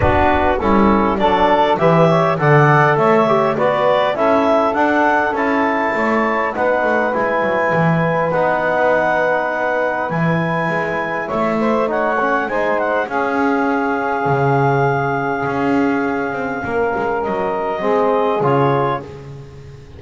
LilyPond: <<
  \new Staff \with { instrumentName = "clarinet" } { \time 4/4 \tempo 4 = 101 b'4 a'4 d''4 e''4 | fis''4 e''4 d''4 e''4 | fis''4 a''2 fis''4 | gis''2 fis''2~ |
fis''4 gis''2 e''4 | fis''4 gis''8 fis''8 f''2~ | f''1~ | f''4 dis''2 cis''4 | }
  \new Staff \with { instrumentName = "saxophone" } { \time 4/4 fis'4 e'4 a'4 b'8 cis''8 | d''4 cis''4 b'4 a'4~ | a'2 cis''4 b'4~ | b'1~ |
b'2. cis''8 c''8 | cis''4 c''4 gis'2~ | gis'1 | ais'2 gis'2 | }
  \new Staff \with { instrumentName = "trombone" } { \time 4/4 d'4 cis'4 d'4 g'4 | a'4. g'8 fis'4 e'4 | d'4 e'2 dis'4 | e'2 dis'2~ |
dis'4 e'2. | dis'8 cis'8 dis'4 cis'2~ | cis'1~ | cis'2 c'4 f'4 | }
  \new Staff \with { instrumentName = "double bass" } { \time 4/4 b4 g4 fis4 e4 | d4 a4 b4 cis'4 | d'4 cis'4 a4 b8 a8 | gis8 fis8 e4 b2~ |
b4 e4 gis4 a4~ | a4 gis4 cis'2 | cis2 cis'4. c'8 | ais8 gis8 fis4 gis4 cis4 | }
>>